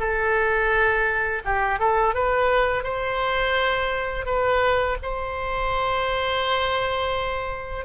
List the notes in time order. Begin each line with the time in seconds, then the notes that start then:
0.00 A4
1.45 G4
1.80 A4
2.15 B4
2.84 C5
4.26 B4
5.03 C5